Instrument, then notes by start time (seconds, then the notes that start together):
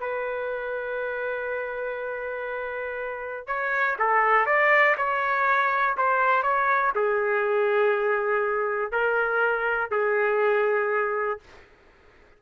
trumpet
0.00 B4
3.47 C#5
3.99 A4
4.46 D5
4.97 C#5
5.98 C5
6.43 C#5
6.96 G#4
8.92 A#4
9.91 G#4